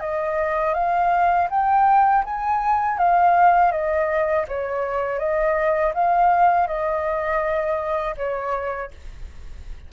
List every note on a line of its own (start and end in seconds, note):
0.00 0.74 D#5
0.74 1.48 F5
1.50 2.24 G5
2.24 2.98 G#5
2.98 3.72 F5
3.72 4.46 D#5
4.48 5.19 C#5
5.19 5.93 D#5
5.94 6.67 F5
6.67 8.15 D#5
8.17 8.91 C#5